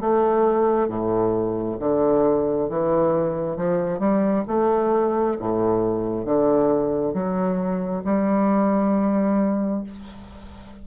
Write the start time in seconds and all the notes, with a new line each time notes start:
0.00 A3
0.88 A2
1.80 D3
2.69 E3
3.57 F3
3.99 G3
4.47 A3
5.39 A2
6.25 D3
7.13 F#3
8.04 G3